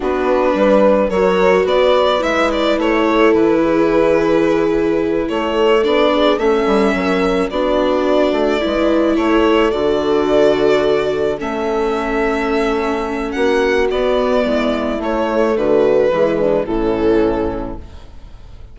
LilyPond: <<
  \new Staff \with { instrumentName = "violin" } { \time 4/4 \tempo 4 = 108 b'2 cis''4 d''4 | e''8 d''8 cis''4 b'2~ | b'4. cis''4 d''4 e''8~ | e''4. d''2~ d''8~ |
d''8 cis''4 d''2~ d''8~ | d''8 e''2.~ e''8 | fis''4 d''2 cis''4 | b'2 a'2 | }
  \new Staff \with { instrumentName = "horn" } { \time 4/4 fis'4 b'4 ais'4 b'4~ | b'4. a'4 gis'4.~ | gis'4. a'4. gis'8 a'8~ | a'8 ais'4 fis'2 b'8~ |
b'8 a'2.~ a'8~ | a'1 | fis'2 e'2 | fis'4 e'8 d'8 cis'2 | }
  \new Staff \with { instrumentName = "viola" } { \time 4/4 d'2 fis'2 | e'1~ | e'2~ e'8 d'4 cis'8~ | cis'4. d'2 e'8~ |
e'4. fis'2~ fis'8~ | fis'8 cis'2.~ cis'8~ | cis'4 b2 a4~ | a4 gis4 e2 | }
  \new Staff \with { instrumentName = "bassoon" } { \time 4/4 b4 g4 fis4 b4 | gis4 a4 e2~ | e4. a4 b4 a8 | g8 fis4 b4. a8 gis8~ |
gis8 a4 d2~ d8~ | d8 a2.~ a8 | ais4 b4 gis4 a4 | d4 e4 a,2 | }
>>